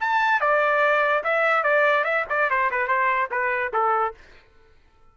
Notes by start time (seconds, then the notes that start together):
0.00 A5
0.40 D5
1.24 E5
1.63 D5
2.04 E5
2.29 D5
2.50 C5
2.71 B4
2.87 C5
3.31 B4
3.73 A4